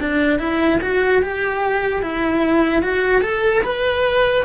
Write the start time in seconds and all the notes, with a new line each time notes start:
0.00 D4
0.39 E4
0.82 F#4
1.22 G4
2.02 E4
2.83 F#4
3.22 A4
3.64 B4